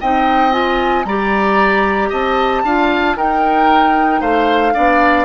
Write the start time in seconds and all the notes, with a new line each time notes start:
0.00 C4 D#4 D#5 G5
0.51 F4 G#5
1.04 G3 G4 D5 A#5
2.09 C4 D#5 A5
2.63 D4 F4 F5
3.16 D#4 A#4 G5
4.20 A3 C5 F5
4.74 B3 D4 D5